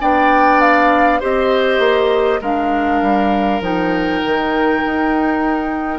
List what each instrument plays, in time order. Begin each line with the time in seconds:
0.00 bassoon B3, clarinet D4, oboe D5, flute G5
0.60 flute F5
1.19 bassoon C4, clarinet G4, oboe C5, flute D#5
1.79 bassoon A#3
2.41 bassoon G#3, clarinet D4, oboe A#4, flute F5
3.02 bassoon G3
3.60 bassoon F3, clarinet D#4, flute G5
4.25 bassoon D#3
4.84 bassoon D#4